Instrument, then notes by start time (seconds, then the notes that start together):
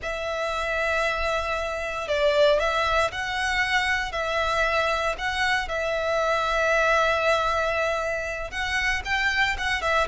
violin
0.02 E5
2.08 D5
2.59 E5
3.11 F#5
4.12 E5
5.17 F#5
5.68 E5
8.50 F#5
9.04 G5
9.58 F#5
9.81 E5